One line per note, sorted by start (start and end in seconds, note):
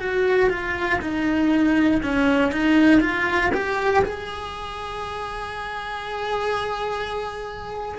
0.00 0.50 F#4
0.50 1.00 F4
1.02 2.02 D#4
2.03 2.52 C#4
2.52 3.01 D#4
3.01 3.51 F4
3.54 4.04 G4
4.05 7.99 G#4